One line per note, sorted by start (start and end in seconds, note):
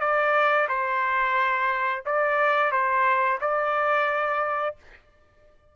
0.00 0.67 D5
0.69 2.03 C5
2.06 2.72 D5
2.72 3.39 C5
3.41 4.76 D5